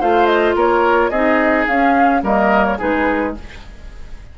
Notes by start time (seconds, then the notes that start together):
0.00 A3 F4 C5 F5
0.26 D#5
0.56 A#3 A#4 C#5
1.10 C4 D#4 G#4 D#5
1.67 C#4 F5
2.22 G3 A#3 A#4 D#5
2.65 C#5
2.78 G#3 D#4 G#4 B4